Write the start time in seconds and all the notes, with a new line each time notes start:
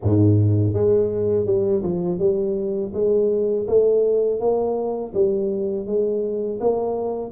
0.02 G#2
0.73 G#3
1.46 G3
1.82 F3
2.18 G3
2.93 G#3
3.67 A3
4.39 A#3
5.14 G3
5.86 G#3
6.60 A#3